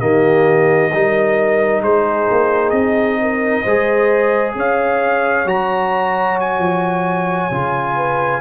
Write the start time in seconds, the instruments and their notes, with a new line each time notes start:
0.00 tuba D#3, trombone A#3, horn G4, trumpet D#5
0.93 tuba G3, trombone D#4, horn A#4
1.82 tuba G#3, horn G#4, trumpet C5
2.31 tuba A#3
2.70 tuba C4, trumpet D#5
3.22 horn A#4
3.63 tuba G#3, trombone G#4, horn C5
4.55 tuba C#4, horn C#5, trumpet F5
5.45 tuba F#3, trombone F#4, trumpet A#5
6.40 trumpet G#5
6.59 tuba F3
7.51 tuba C#3, trombone F4
7.96 horn B4